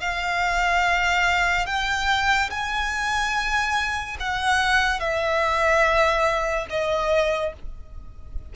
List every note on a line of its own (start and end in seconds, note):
0.00 1.66 F5
1.66 2.50 G5
2.50 4.17 G#5
4.20 5.00 F#5
5.00 6.66 E5
6.69 7.53 D#5